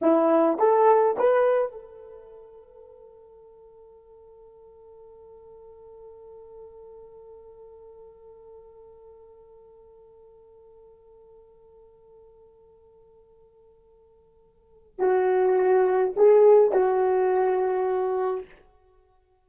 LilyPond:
\new Staff \with { instrumentName = "horn" } { \time 4/4 \tempo 4 = 104 e'4 a'4 b'4 a'4~ | a'1~ | a'1~ | a'1~ |
a'1~ | a'1~ | a'2 fis'2 | gis'4 fis'2. | }